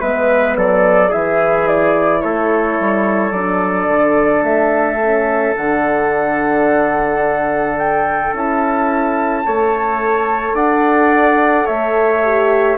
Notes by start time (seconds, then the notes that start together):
0.00 G#3 B3 B4 E5
0.56 F#3 A4 D5
1.09 E3 E4 G#4 E5
1.67 D5
2.21 A3 A4 C#5
2.80 G3
3.31 F#3 D4 D5
3.87 D3
4.43 A3 E5
5.01 C#4
5.56 D3 D4 F#5
7.78 G5
8.33 C#4 E4 A5
9.45 A3 A4 C#5
10.54 D4 D5 F#5
11.66 A3 C#5 E5
12.23 G4